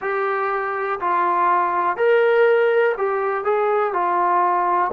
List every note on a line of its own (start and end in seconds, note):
0.01 0.99 G4
1.00 1.97 F4
1.97 2.95 A#4
2.97 3.44 G4
3.44 3.93 G#4
3.93 4.91 F4